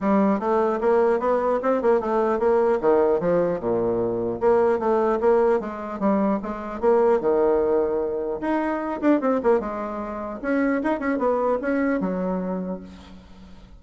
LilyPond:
\new Staff \with { instrumentName = "bassoon" } { \time 4/4 \tempo 4 = 150 g4 a4 ais4 b4 | c'8 ais8 a4 ais4 dis4 | f4 ais,2 ais4 | a4 ais4 gis4 g4 |
gis4 ais4 dis2~ | dis4 dis'4. d'8 c'8 ais8 | gis2 cis'4 dis'8 cis'8 | b4 cis'4 fis2 | }